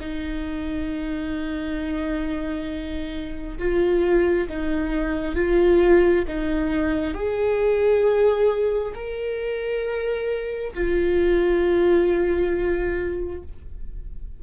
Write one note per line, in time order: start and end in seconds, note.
0.00 3.58 D#4
3.58 4.48 F4
4.49 5.35 D#4
5.35 6.25 F4
6.28 7.14 D#4
7.14 8.93 G#4
8.94 10.73 A#4
10.74 13.42 F4